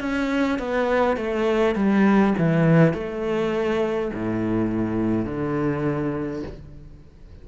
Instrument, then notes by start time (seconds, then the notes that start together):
cello
0.00 C#4
0.59 B3
1.17 A3
1.75 G3
2.38 E3
2.94 A3
4.13 A2
5.25 D3